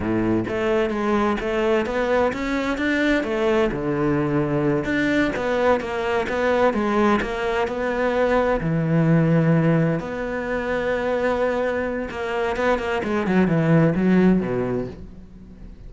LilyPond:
\new Staff \with { instrumentName = "cello" } { \time 4/4 \tempo 4 = 129 a,4 a4 gis4 a4 | b4 cis'4 d'4 a4 | d2~ d8 d'4 b8~ | b8 ais4 b4 gis4 ais8~ |
ais8 b2 e4.~ | e4. b2~ b8~ | b2 ais4 b8 ais8 | gis8 fis8 e4 fis4 b,4 | }